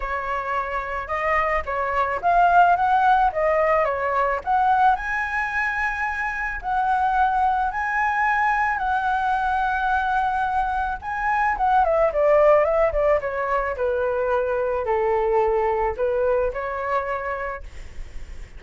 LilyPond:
\new Staff \with { instrumentName = "flute" } { \time 4/4 \tempo 4 = 109 cis''2 dis''4 cis''4 | f''4 fis''4 dis''4 cis''4 | fis''4 gis''2. | fis''2 gis''2 |
fis''1 | gis''4 fis''8 e''8 d''4 e''8 d''8 | cis''4 b'2 a'4~ | a'4 b'4 cis''2 | }